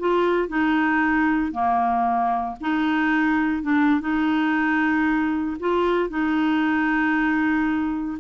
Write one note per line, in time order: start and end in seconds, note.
0.00 0.49 F4
0.49 1.52 D#4
1.52 2.57 A#3
2.61 3.63 D#4
3.63 4.01 D4
4.01 5.58 D#4
5.60 6.10 F4
6.10 8.19 D#4